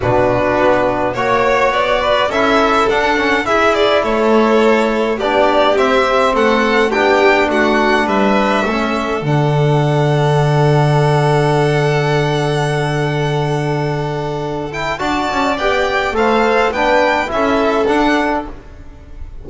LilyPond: <<
  \new Staff \with { instrumentName = "violin" } { \time 4/4 \tempo 4 = 104 b'2 cis''4 d''4 | e''4 fis''4 e''8 d''8 cis''4~ | cis''4 d''4 e''4 fis''4 | g''4 fis''4 e''2 |
fis''1~ | fis''1~ | fis''4. g''8 a''4 g''4 | f''4 g''4 e''4 fis''4 | }
  \new Staff \with { instrumentName = "violin" } { \time 4/4 fis'2 cis''4. b'8 | a'2 gis'4 a'4~ | a'4 g'2 a'4 | g'4 fis'4 b'4 a'4~ |
a'1~ | a'1~ | a'2 d''2 | c''4 b'4 a'2 | }
  \new Staff \with { instrumentName = "trombone" } { \time 4/4 d'2 fis'2 | e'4 d'8 cis'8 e'2~ | e'4 d'4 c'2 | d'2. cis'4 |
d'1~ | d'1~ | d'4. e'8 fis'4 g'4 | a'4 d'4 e'4 d'4 | }
  \new Staff \with { instrumentName = "double bass" } { \time 4/4 b,4 b4 ais4 b4 | cis'4 d'4 e'4 a4~ | a4 b4 c'4 a4 | b4 a4 g4 a4 |
d1~ | d1~ | d2 d'8 cis'8 b4 | a4 b4 cis'4 d'4 | }
>>